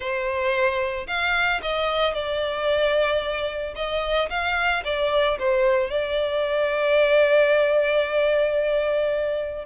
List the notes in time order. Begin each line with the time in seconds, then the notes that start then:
0.00 C5
1.07 F5
1.62 D#5
2.13 D5
3.75 D#5
4.29 F5
4.84 D5
5.38 C5
5.90 D5